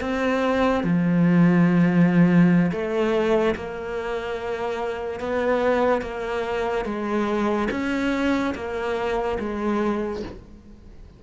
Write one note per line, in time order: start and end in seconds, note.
0.00 0.83 C4
0.83 2.71 F3
2.71 3.55 A3
3.55 5.20 A#3
5.20 6.02 B3
6.02 6.85 A#3
6.85 7.68 G#3
7.70 8.54 C#4
8.55 9.38 A#3
9.39 10.22 G#3